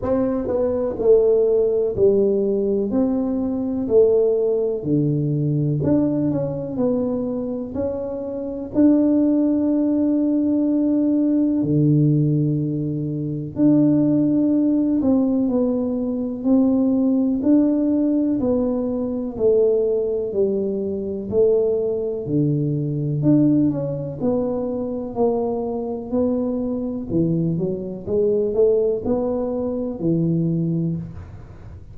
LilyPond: \new Staff \with { instrumentName = "tuba" } { \time 4/4 \tempo 4 = 62 c'8 b8 a4 g4 c'4 | a4 d4 d'8 cis'8 b4 | cis'4 d'2. | d2 d'4. c'8 |
b4 c'4 d'4 b4 | a4 g4 a4 d4 | d'8 cis'8 b4 ais4 b4 | e8 fis8 gis8 a8 b4 e4 | }